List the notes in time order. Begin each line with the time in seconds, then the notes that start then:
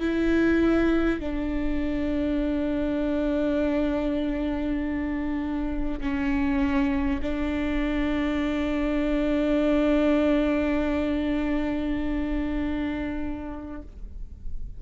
0.00 E4
1.19 D4
6.00 C#4
7.22 D4